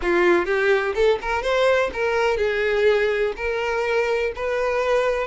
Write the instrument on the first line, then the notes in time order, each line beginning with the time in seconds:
violin
0.02 F4
0.45 G4
0.94 A4
1.21 A#4
1.42 C5
1.93 A#4
2.37 G#4
3.36 A#4
4.35 B4